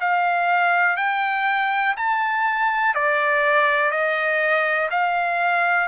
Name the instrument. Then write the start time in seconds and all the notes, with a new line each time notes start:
trumpet
0.00 F5
0.96 G5
1.96 A5
2.94 D5
3.90 D#5
4.90 F5